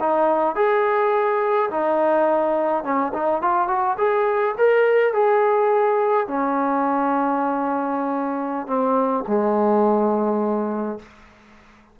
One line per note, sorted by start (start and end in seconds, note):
0.00 0.55 D#4
0.55 1.70 G#4
1.71 2.84 D#4
2.84 3.12 C#4
3.14 3.42 D#4
3.42 3.68 F4
3.68 3.97 F#4
3.98 4.55 G#4
4.58 5.13 A#4
5.13 6.27 G#4
6.27 8.67 C#4
8.67 9.24 C4
9.27 10.99 G#3